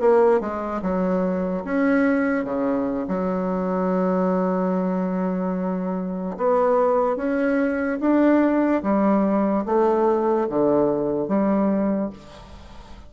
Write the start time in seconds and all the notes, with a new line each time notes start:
0.00 A#3
0.40 G#3
0.82 F#3
1.64 C#4
2.44 C#3
3.08 F#3
6.37 B3
7.16 C#4
8.00 D4
8.83 G3
9.65 A3
10.49 D3
11.28 G3